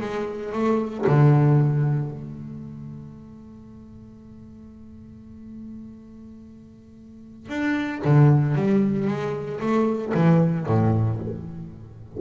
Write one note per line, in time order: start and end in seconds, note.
0.00 0.52 G#3
0.52 1.05 A3
1.06 2.10 D3
2.10 7.49 A3
7.49 8.01 D4
8.04 8.55 D3
8.55 9.07 G3
9.07 9.60 G#3
9.60 10.13 A3
10.14 10.67 E3
10.67 11.19 A2